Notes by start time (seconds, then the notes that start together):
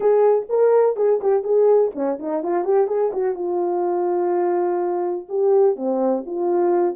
0.00 G#4
0.49 A#4
0.96 G#4
1.21 G4
1.43 G#4
1.95 C#4
2.19 D#4
2.43 F4
2.64 G4
2.87 G#4
3.12 F#4
3.34 F4
5.28 G4
5.76 C4
6.25 F4